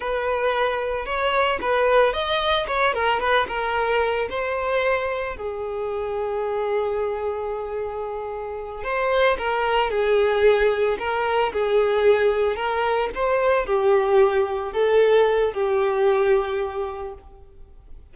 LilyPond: \new Staff \with { instrumentName = "violin" } { \time 4/4 \tempo 4 = 112 b'2 cis''4 b'4 | dis''4 cis''8 ais'8 b'8 ais'4. | c''2 gis'2~ | gis'1~ |
gis'8 c''4 ais'4 gis'4.~ | gis'8 ais'4 gis'2 ais'8~ | ais'8 c''4 g'2 a'8~ | a'4 g'2. | }